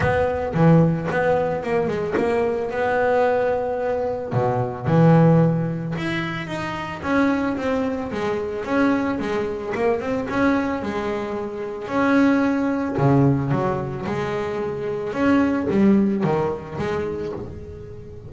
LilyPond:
\new Staff \with { instrumentName = "double bass" } { \time 4/4 \tempo 4 = 111 b4 e4 b4 ais8 gis8 | ais4 b2. | b,4 e2 e'4 | dis'4 cis'4 c'4 gis4 |
cis'4 gis4 ais8 c'8 cis'4 | gis2 cis'2 | cis4 fis4 gis2 | cis'4 g4 dis4 gis4 | }